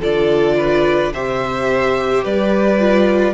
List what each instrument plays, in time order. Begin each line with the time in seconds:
0.00 cello D3, viola F4, violin A4 D5
0.57 violin B4
1.13 cello C3, viola G4, violin C5 E5
2.24 cello G3, violin B4 D5
2.79 viola F4